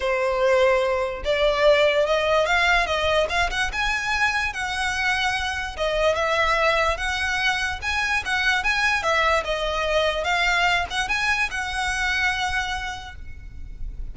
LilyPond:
\new Staff \with { instrumentName = "violin" } { \time 4/4 \tempo 4 = 146 c''2. d''4~ | d''4 dis''4 f''4 dis''4 | f''8 fis''8 gis''2 fis''4~ | fis''2 dis''4 e''4~ |
e''4 fis''2 gis''4 | fis''4 gis''4 e''4 dis''4~ | dis''4 f''4. fis''8 gis''4 | fis''1 | }